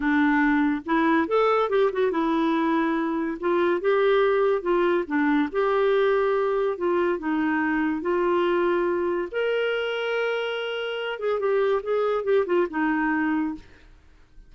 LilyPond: \new Staff \with { instrumentName = "clarinet" } { \time 4/4 \tempo 4 = 142 d'2 e'4 a'4 | g'8 fis'8 e'2. | f'4 g'2 f'4 | d'4 g'2. |
f'4 dis'2 f'4~ | f'2 ais'2~ | ais'2~ ais'8 gis'8 g'4 | gis'4 g'8 f'8 dis'2 | }